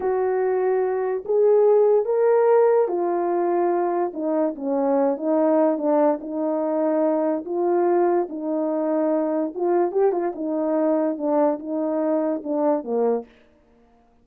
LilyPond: \new Staff \with { instrumentName = "horn" } { \time 4/4 \tempo 4 = 145 fis'2. gis'4~ | gis'4 ais'2 f'4~ | f'2 dis'4 cis'4~ | cis'8 dis'4. d'4 dis'4~ |
dis'2 f'2 | dis'2. f'4 | g'8 f'8 dis'2 d'4 | dis'2 d'4 ais4 | }